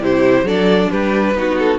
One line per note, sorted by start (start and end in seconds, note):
0.00 0.43 C3
0.00 0.46 E4
0.00 0.46 G4
0.00 0.48 C5
0.43 0.87 F#3
0.43 1.35 D4
0.43 0.91 A4
0.43 0.91 D5
0.91 1.35 G3
0.91 1.36 G4
0.91 1.58 B4
1.35 1.79 B3
1.35 1.79 D#4
1.35 1.79 F#4
1.58 1.79 A4